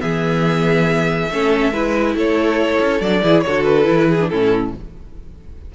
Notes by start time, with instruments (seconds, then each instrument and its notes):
0.00 cello E3, viola B3, violin G#4 E5
1.31 cello A3, viola C#4, violin A4
1.72 cello G#3, viola E4, violin B4
2.15 cello A3, violin A4 C#5
2.81 cello C#4
3.01 cello F#3, viola D4, violin D5
3.23 cello E3, viola E4, violin G#4
3.42 cello D3, viola F#4, violin A4 C#5
3.64 violin B4
3.84 cello E3, viola E4
4.09 violin G#4
4.21 viola D4
4.29 cello A2, viola C#4, violin E4 A4